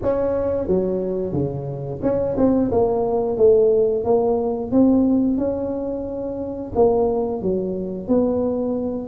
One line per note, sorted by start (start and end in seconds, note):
0.02 0.67 C#4
0.67 1.32 F#3
1.32 2.00 C#3
2.02 2.36 C#4
2.37 2.70 C4
2.71 3.37 A#3
3.37 4.04 A3
4.04 4.71 A#3
4.71 5.37 C4
5.37 6.72 C#4
6.75 7.42 A#3
7.42 8.08 F#3
8.08 9.08 B3